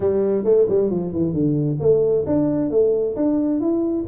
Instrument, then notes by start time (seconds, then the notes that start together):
tuba
0.00 G3
0.44 A3
0.68 G3
0.90 F3
1.12 E3
1.33 D3
1.80 A3
2.26 D4
2.70 A3
3.16 D4
3.60 E4